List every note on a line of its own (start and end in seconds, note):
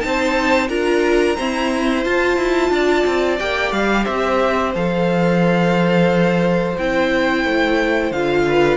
0.00 0.68 C4
0.00 0.68 D#4
0.00 0.68 C5
0.00 0.67 A5
0.68 1.36 D4
0.68 1.36 F4
0.68 1.36 A#4
0.68 2.03 A#5
1.36 2.04 C4
1.36 2.05 E4
1.36 2.71 C5
2.04 3.38 F4
2.04 2.36 F4
2.04 3.38 A5
2.36 2.70 E4
2.70 3.04 D4
2.70 4.04 D5
3.05 3.39 C4
3.38 3.72 A#3
3.38 4.73 G4
3.38 3.71 G5
3.71 4.05 G3
3.71 4.04 F5
4.04 4.75 C4
4.04 8.42 C5
4.04 4.72 E5
4.74 6.77 F3
4.74 6.76 A4
4.74 6.77 F5
6.77 7.44 C4
6.77 8.13 E4
6.77 8.12 G5
7.44 8.11 A3
8.11 8.77 D3
8.11 8.77 F4
8.11 8.77 F5
8.48 8.77 B4